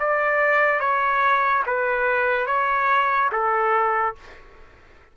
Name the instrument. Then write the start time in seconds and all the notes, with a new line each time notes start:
trumpet
0.00 D5
0.80 C#5
1.67 B4
2.47 C#5
3.32 A4